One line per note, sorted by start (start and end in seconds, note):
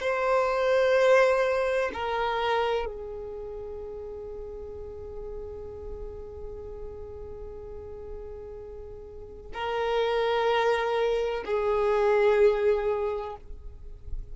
0.00 1.90 C5
1.94 2.85 A#4
2.85 9.52 G#4
9.53 11.44 A#4
11.45 13.35 G#4